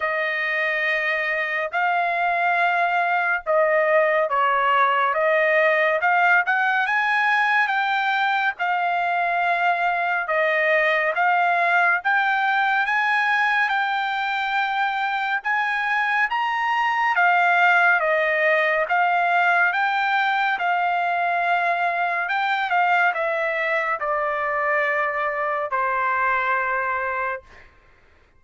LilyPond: \new Staff \with { instrumentName = "trumpet" } { \time 4/4 \tempo 4 = 70 dis''2 f''2 | dis''4 cis''4 dis''4 f''8 fis''8 | gis''4 g''4 f''2 | dis''4 f''4 g''4 gis''4 |
g''2 gis''4 ais''4 | f''4 dis''4 f''4 g''4 | f''2 g''8 f''8 e''4 | d''2 c''2 | }